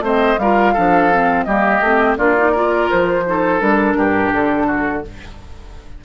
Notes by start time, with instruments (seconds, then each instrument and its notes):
0.00 bassoon A3, clarinet C4, oboe C5, flute D#5
0.38 bassoon G3, clarinet F4, oboe A#4, flute F5
0.73 bassoon F3, clarinet D4, oboe A4
1.12 clarinet C4
1.44 bassoon G3, clarinet A#3, oboe G4, flute D#5
1.80 bassoon A3, clarinet C4
2.18 bassoon A#3, clarinet D4, oboe F4, flute D5
2.37 clarinet D#4
2.52 clarinet F4, oboe A#4
2.90 bassoon F3, flute C5
3.26 clarinet D#4, oboe A4
3.60 bassoon G3, clarinet D4, flute A#4
3.94 bassoon G2, oboe G4
4.33 bassoon D3, flute A4
4.67 oboe F#4